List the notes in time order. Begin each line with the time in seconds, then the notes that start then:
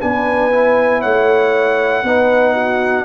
0.00 B3 D4 B4 G#5
0.51 E4
1.00 A3 C#5 F#5
2.03 B3 D#4 B4
2.54 F#4